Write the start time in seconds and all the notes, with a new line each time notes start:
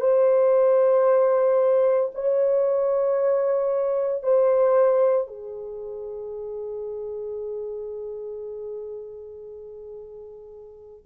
0.00 C5
2.14 C#5
4.23 C5
5.27 G#4